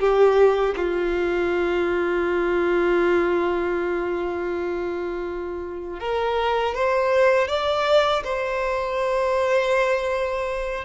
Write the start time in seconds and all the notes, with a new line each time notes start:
0.00 G4
0.76 F4
6.00 A#4
6.75 C5
7.48 D5
8.24 C5